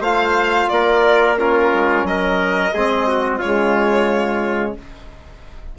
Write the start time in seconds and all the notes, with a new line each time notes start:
0.00 A3 F4 C5 F5
0.69 A#3 A#4 D5
1.37 C#4 F4 A#4
1.73 G#3
2.03 F#3 A#4 D#5
2.73 G#3 C4 G#4
3.07 F#4
3.38 C#3 G#3 F4 C#5